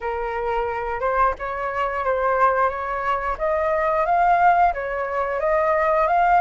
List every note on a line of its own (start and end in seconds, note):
0.01 1.00 A#4
1.00 1.34 C5
1.38 2.04 C#5
2.04 2.69 C5
2.69 3.36 C#5
3.38 4.05 D#5
4.05 4.73 F5
4.73 5.40 C#5
5.40 6.07 D#5
6.07 6.40 F5